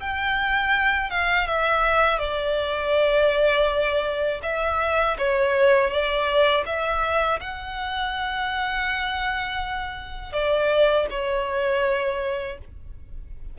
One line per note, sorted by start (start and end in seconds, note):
0.00 1.10 G5
1.10 1.46 F5
1.46 2.18 E5
2.18 4.40 D5
4.43 5.17 E5
5.18 5.90 C#5
5.90 6.64 D5
6.65 7.39 E5
7.40 10.32 F#5
10.32 11.06 D5
11.10 12.58 C#5